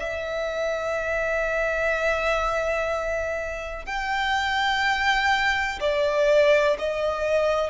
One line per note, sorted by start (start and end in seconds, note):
0.00 3.86 E5
3.86 5.80 G5
5.81 6.77 D5
6.79 7.70 D#5